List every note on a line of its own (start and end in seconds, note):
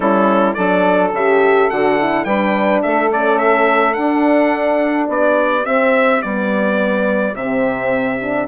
0.00 0.55 G3
0.00 0.56 C#4
0.00 0.56 E4
0.00 0.54 A4
0.54 1.12 F#3
0.54 1.14 D4
0.54 2.25 A4
0.54 1.10 D5
1.12 1.69 C#3
1.12 1.71 G4
1.12 1.70 E5
1.70 2.25 D3
1.70 1.99 F#4
1.70 2.24 F#5
1.99 2.27 E4
2.24 2.81 G3
2.24 3.12 D4
2.24 2.82 B4
2.24 2.81 G5
2.82 3.97 A3
2.82 5.09 A4
2.82 3.10 E5
3.12 3.94 C#4
3.12 3.38 D5
3.38 3.93 E5
3.93 5.63 D4
3.93 5.08 D4
3.93 5.06 F#5
5.08 5.65 B3
5.08 8.48 G4
5.08 5.65 D5
5.63 6.20 C4
5.63 6.23 C4
5.63 6.22 E5
6.22 7.34 G3
6.22 7.36 B3
6.22 7.35 D5
7.34 8.47 C3
7.34 8.20 C4
7.34 8.48 E5
8.20 8.48 D4